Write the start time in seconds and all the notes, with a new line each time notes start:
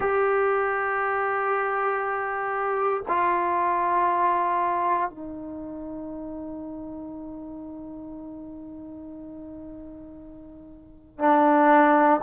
0.00 G4
3.07 F4
5.09 D#4
11.19 D4